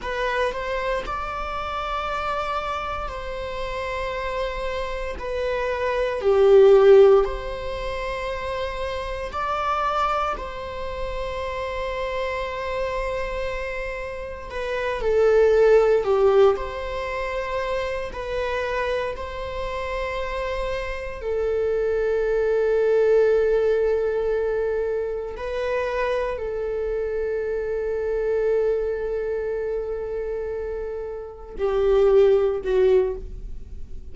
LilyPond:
\new Staff \with { instrumentName = "viola" } { \time 4/4 \tempo 4 = 58 b'8 c''8 d''2 c''4~ | c''4 b'4 g'4 c''4~ | c''4 d''4 c''2~ | c''2 b'8 a'4 g'8 |
c''4. b'4 c''4.~ | c''8 a'2.~ a'8~ | a'8 b'4 a'2~ a'8~ | a'2~ a'8 g'4 fis'8 | }